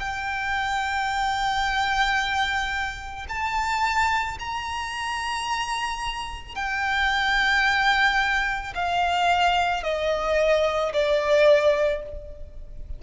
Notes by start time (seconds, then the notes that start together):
0.00 G5
3.29 A5
4.39 A#5
6.56 G5
8.75 F5
9.83 D#5
10.93 D5